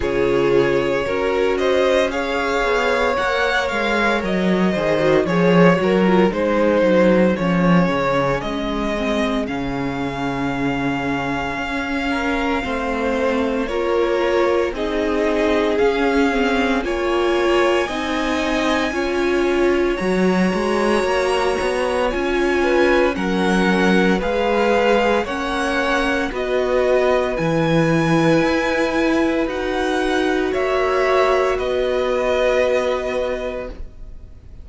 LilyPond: <<
  \new Staff \with { instrumentName = "violin" } { \time 4/4 \tempo 4 = 57 cis''4. dis''8 f''4 fis''8 f''8 | dis''4 cis''8 ais'8 c''4 cis''4 | dis''4 f''2.~ | f''4 cis''4 dis''4 f''4 |
gis''2. ais''4~ | ais''4 gis''4 fis''4 f''4 | fis''4 dis''4 gis''2 | fis''4 e''4 dis''2 | }
  \new Staff \with { instrumentName = "violin" } { \time 4/4 gis'4 ais'8 c''8 cis''2~ | cis''8 c''8 cis''4 gis'2~ | gis'2.~ gis'8 ais'8 | c''4 ais'4 gis'2 |
cis''4 dis''4 cis''2~ | cis''4. b'8 ais'4 b'4 | cis''4 b'2.~ | b'4 cis''4 b'2 | }
  \new Staff \with { instrumentName = "viola" } { \time 4/4 f'4 fis'4 gis'4 ais'4~ | ais'8 gis'16 fis'16 gis'8 fis'16 f'16 dis'4 cis'4~ | cis'8 c'8 cis'2. | c'4 f'4 dis'4 cis'8 c'8 |
f'4 dis'4 f'4 fis'4~ | fis'4 f'4 cis'4 gis'4 | cis'4 fis'4 e'2 | fis'1 | }
  \new Staff \with { instrumentName = "cello" } { \time 4/4 cis4 cis'4. b8 ais8 gis8 | fis8 dis8 f8 fis8 gis8 fis8 f8 cis8 | gis4 cis2 cis'4 | a4 ais4 c'4 cis'4 |
ais4 c'4 cis'4 fis8 gis8 | ais8 b8 cis'4 fis4 gis4 | ais4 b4 e4 e'4 | dis'4 ais4 b2 | }
>>